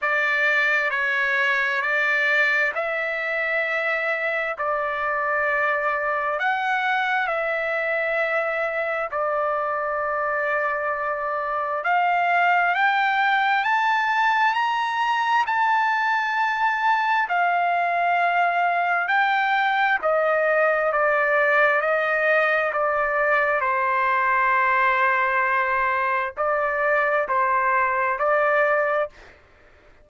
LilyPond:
\new Staff \with { instrumentName = "trumpet" } { \time 4/4 \tempo 4 = 66 d''4 cis''4 d''4 e''4~ | e''4 d''2 fis''4 | e''2 d''2~ | d''4 f''4 g''4 a''4 |
ais''4 a''2 f''4~ | f''4 g''4 dis''4 d''4 | dis''4 d''4 c''2~ | c''4 d''4 c''4 d''4 | }